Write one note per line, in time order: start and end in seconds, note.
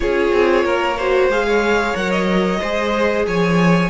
0.00 0.32 C#4
0.00 0.95 F4
0.00 0.64 G#4
0.00 1.30 C#5
0.32 0.64 C4
0.64 1.28 A#3
0.64 0.97 A#4
0.97 1.31 F#4
0.97 1.46 C5
1.28 1.93 G#3
1.28 1.95 G#4
1.28 1.96 F5
1.47 2.60 C#5
1.95 2.61 F#3
1.95 2.60 A#4
1.95 2.10 F#5
2.10 3.24 D#5
2.60 3.26 G#3
2.60 3.89 G#4
2.60 3.25 C5
3.26 3.89 F3
3.26 3.89 C#5
3.26 3.89 G#5